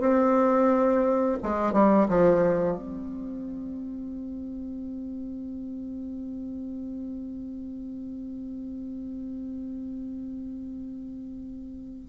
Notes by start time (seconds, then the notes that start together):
0.00 C4
1.43 G#3
1.73 G3
2.08 F3
2.77 C4